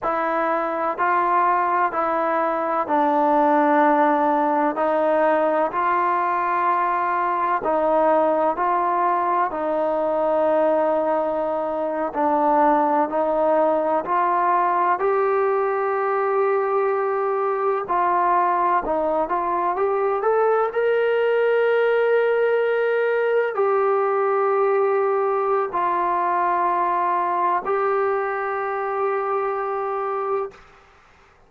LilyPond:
\new Staff \with { instrumentName = "trombone" } { \time 4/4 \tempo 4 = 63 e'4 f'4 e'4 d'4~ | d'4 dis'4 f'2 | dis'4 f'4 dis'2~ | dis'8. d'4 dis'4 f'4 g'16~ |
g'2~ g'8. f'4 dis'16~ | dis'16 f'8 g'8 a'8 ais'2~ ais'16~ | ais'8. g'2~ g'16 f'4~ | f'4 g'2. | }